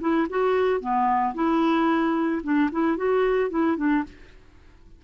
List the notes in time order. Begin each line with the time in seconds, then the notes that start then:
0.00 E4
0.29 F#4
0.80 B3
1.34 E4
2.43 D4
2.71 E4
2.97 F#4
3.50 E4
3.77 D4